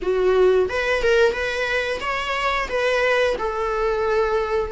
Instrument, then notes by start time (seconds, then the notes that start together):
viola
0.02 F#4
0.69 B4
1.02 A#4
1.32 B4
2.00 C#5
2.68 B4
3.38 A4